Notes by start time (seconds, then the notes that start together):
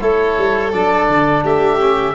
0.00 A3 E4 A4 C#5
0.38 G3
0.72 F#3 D4 D5
1.08 D3
1.44 A3 G4 E5
1.79 C#4